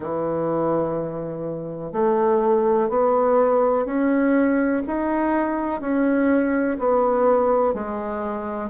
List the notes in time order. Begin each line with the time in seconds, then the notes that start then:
0.00 E3
1.92 A3
2.89 B3
3.85 C#4
4.87 D#4
5.81 C#4
6.78 B3
7.74 G#3